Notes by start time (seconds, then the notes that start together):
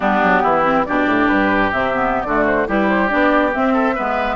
0.00 G3 B3 D4 G4
0.22 F#3
0.42 E3 E4
0.64 C4
0.85 B2 D4 G4 D5
1.06 A2
1.28 G2 B4
1.72 C3 C4 E5
1.94 B3
2.22 D3 A3 F#4 D5
2.46 C5
2.67 G3 E4 G4 B4
2.88 C5
3.08 B3 D4 D5
3.52 C4 E5
3.73 A4
3.95 G#3 B3 B4